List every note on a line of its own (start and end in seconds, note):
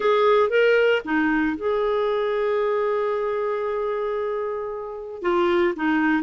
0.00 0.49 G#4
0.49 1.02 A#4
1.05 1.57 D#4
1.57 5.22 G#4
5.22 5.74 F4
5.76 6.23 D#4